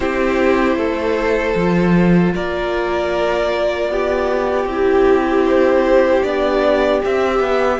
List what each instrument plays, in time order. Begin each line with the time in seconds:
0.00 cello C4, viola E4, violin G4 C5
0.76 cello A3, violin A4
1.55 cello F3, viola F4
2.34 cello A#3, violin A#4 D5
3.88 cello B3, violin G4
4.65 cello C4, viola E4, violin G4
5.46 violin C5
6.23 cello B3, viola D4, violin D5
7.03 cello C4, viola G4, violin E5
7.40 cello B3